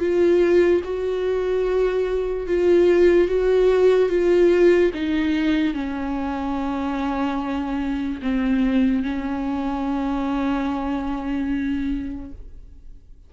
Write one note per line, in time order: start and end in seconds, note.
0.00 0.82 F4
0.84 2.48 F#4
2.48 3.28 F4
3.28 4.09 F#4
4.09 4.92 F4
4.95 5.74 D#4
5.74 8.21 C#4
8.22 9.03 C4
9.03 12.32 C#4